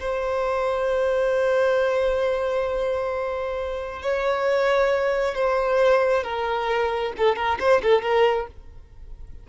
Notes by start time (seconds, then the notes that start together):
0.00 C5
4.02 C#5
5.35 C5
6.23 A#4
7.18 A4
7.36 A#4
7.60 C5
7.83 A4
8.02 A#4